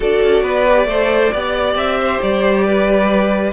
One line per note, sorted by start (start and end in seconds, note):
0.00 0.20 D4
0.00 0.66 F#4
0.00 0.42 A4
0.00 1.77 D5
0.22 0.42 C#4
0.42 0.84 B3
0.42 0.86 B4
0.67 0.89 G4
0.84 1.28 A3
0.84 1.34 A4
0.84 1.32 C5
1.32 1.74 B3
1.32 3.52 G4
1.32 1.99 D5
1.74 2.18 C4
1.74 2.21 E5
2.00 2.64 C5
2.22 3.52 G3
2.22 3.52 D5
2.64 3.52 B4